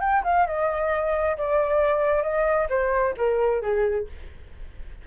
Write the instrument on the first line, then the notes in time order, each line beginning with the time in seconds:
flute
0.00 G5
0.24 F5
0.46 D#5
1.37 D5
2.22 D#5
2.69 C5
3.17 A#4
3.62 G#4